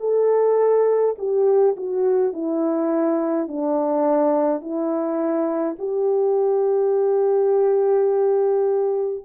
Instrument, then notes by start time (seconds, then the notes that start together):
horn
0.00 A4
1.18 G4
1.77 F#4
2.33 E4
3.48 D4
4.61 E4
5.78 G4